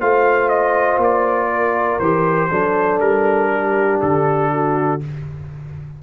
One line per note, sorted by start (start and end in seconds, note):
0.00 0.97 A3
0.00 2.01 F4
0.00 1.50 C5
0.00 0.49 F5
0.49 0.99 D#5
0.97 1.97 A#3
0.97 1.99 D5
1.51 2.50 A#4
1.99 2.50 E3
1.99 2.51 G4
1.99 2.99 C5
2.50 3.00 F#3
2.50 5.01 D4
2.50 3.50 A4
3.00 4.00 G3
3.00 4.00 A#4
3.54 4.53 G4
4.01 5.02 D3
4.01 5.01 A4
4.53 5.03 F#4